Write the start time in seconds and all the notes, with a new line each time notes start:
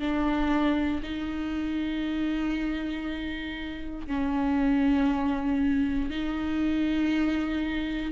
0.00 D4
1.03 D#4
4.08 C#4
6.10 D#4